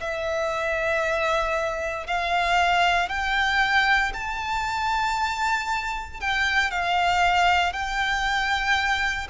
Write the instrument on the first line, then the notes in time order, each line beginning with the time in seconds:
violin
0.00 E5
2.06 F5
3.08 G5
4.13 A5
6.20 G5
6.71 F5
7.73 G5